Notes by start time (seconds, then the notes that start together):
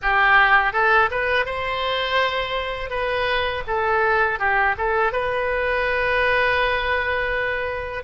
0.02 G4
0.73 A4
1.10 B4
1.45 C5
2.90 B4
3.67 A4
4.39 G4
4.77 A4
5.12 B4